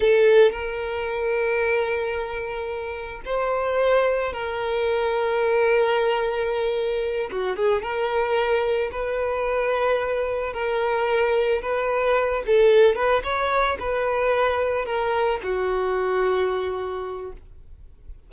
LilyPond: \new Staff \with { instrumentName = "violin" } { \time 4/4 \tempo 4 = 111 a'4 ais'2.~ | ais'2 c''2 | ais'1~ | ais'4. fis'8 gis'8 ais'4.~ |
ais'8 b'2. ais'8~ | ais'4. b'4. a'4 | b'8 cis''4 b'2 ais'8~ | ais'8 fis'2.~ fis'8 | }